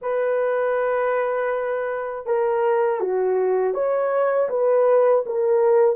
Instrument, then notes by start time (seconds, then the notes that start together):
horn
0.01 B4
2.26 A#4
3.00 F#4
3.74 C#5
4.49 B4
5.26 A#4